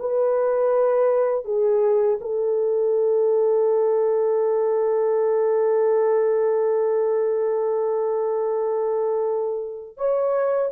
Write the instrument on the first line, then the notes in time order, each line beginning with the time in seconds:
horn
0.00 B4
1.45 G#4
2.21 A4
9.98 C#5